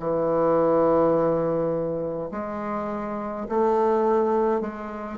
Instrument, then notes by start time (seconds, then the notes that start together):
bassoon
0.00 E3
2.32 G#3
3.49 A3
4.62 G#3